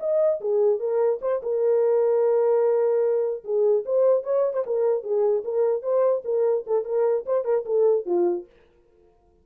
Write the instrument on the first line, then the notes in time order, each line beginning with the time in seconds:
horn
0.00 D#5
0.41 G#4
0.79 A#4
1.21 C5
1.43 A#4
3.44 G#4
3.86 C5
4.23 C#5
4.53 C5
4.66 A#4
5.03 G#4
5.44 A#4
5.82 C5
6.25 A#4
6.67 A4
6.85 A#4
7.26 C5
7.45 A#4
7.65 A4
8.06 F4